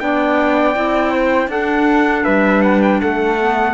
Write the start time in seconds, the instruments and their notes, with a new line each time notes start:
0.00 cello B3, clarinet D4, flute D5, trumpet G5
0.75 cello C4, clarinet E4
1.11 flute C5
1.48 cello D4, clarinet D4, flute A4, trumpet F#5
2.24 cello G3, flute B4, trumpet E5
2.62 trumpet F#5
2.83 trumpet G5
3.02 cello A3, flute A4, trumpet F#5
3.40 clarinet B3